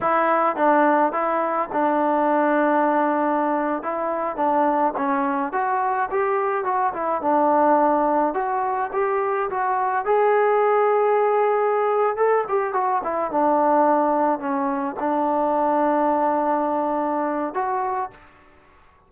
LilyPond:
\new Staff \with { instrumentName = "trombone" } { \time 4/4 \tempo 4 = 106 e'4 d'4 e'4 d'4~ | d'2~ d'8. e'4 d'16~ | d'8. cis'4 fis'4 g'4 fis'16~ | fis'16 e'8 d'2 fis'4 g'16~ |
g'8. fis'4 gis'2~ gis'16~ | gis'4. a'8 g'8 fis'8 e'8 d'8~ | d'4. cis'4 d'4.~ | d'2. fis'4 | }